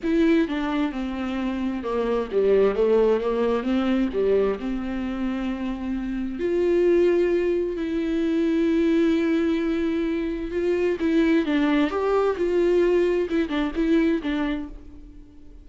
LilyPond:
\new Staff \with { instrumentName = "viola" } { \time 4/4 \tempo 4 = 131 e'4 d'4 c'2 | ais4 g4 a4 ais4 | c'4 g4 c'2~ | c'2 f'2~ |
f'4 e'2.~ | e'2. f'4 | e'4 d'4 g'4 f'4~ | f'4 e'8 d'8 e'4 d'4 | }